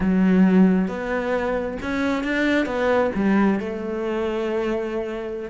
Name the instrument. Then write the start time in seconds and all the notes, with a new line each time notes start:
cello
0.00 F#3
0.88 B3
1.81 C#4
2.23 D4
2.66 B3
3.14 G3
3.59 A3